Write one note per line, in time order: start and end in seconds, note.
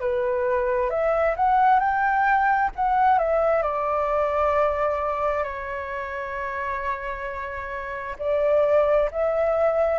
0.00 0.90 B4
0.90 1.36 E5
1.37 1.80 F#5
1.80 2.71 G5
2.76 3.19 F#5
3.19 3.62 E5
3.62 5.43 D5
5.43 8.16 C#5
8.19 9.10 D5
9.12 9.99 E5